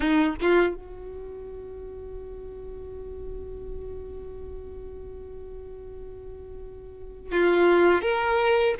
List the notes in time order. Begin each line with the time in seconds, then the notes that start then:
0.00 D#4
0.41 F4
0.75 F#4
7.31 F4
8.01 A#4